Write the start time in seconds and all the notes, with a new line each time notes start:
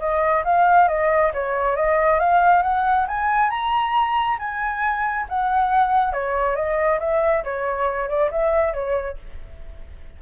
0.00 D#5
0.45 F5
0.88 D#5
1.34 C#5
1.76 D#5
2.20 F5
2.63 F#5
3.08 G#5
3.51 A#5
4.39 G#5
5.29 F#5
6.13 C#5
6.56 D#5
7.00 E5
7.45 C#5
8.09 D5
8.32 E5
8.74 C#5